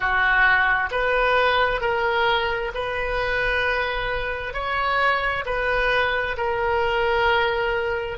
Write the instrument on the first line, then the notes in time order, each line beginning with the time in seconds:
oboe
0.00 F#4
0.91 B4
1.81 A#4
2.74 B4
4.53 C#5
5.45 B4
6.37 A#4